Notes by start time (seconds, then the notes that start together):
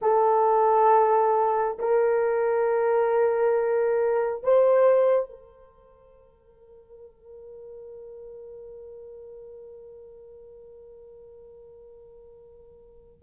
0.01 A4
1.78 A#4
4.43 C5
5.29 A#4